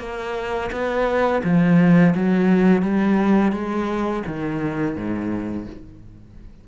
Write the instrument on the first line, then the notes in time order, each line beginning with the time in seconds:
cello
0.00 A#3
0.72 B3
1.44 F3
2.16 F#3
2.83 G3
3.53 G#3
4.27 D#3
4.97 G#2